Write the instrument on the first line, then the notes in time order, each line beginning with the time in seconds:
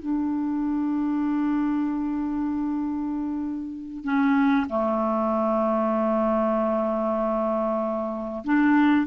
clarinet
0.00 D4
4.05 C#4
4.70 A3
8.45 D4